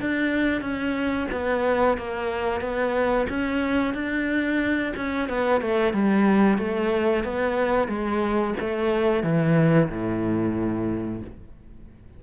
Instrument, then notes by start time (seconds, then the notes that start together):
cello
0.00 D4
0.61 C#4
1.31 B3
1.97 A#3
2.61 B3
3.29 C#4
3.94 D4
4.95 C#4
5.28 B3
5.61 A3
5.93 G3
6.58 A3
7.23 B3
7.88 G#3
8.60 A3
9.23 E3
9.89 A2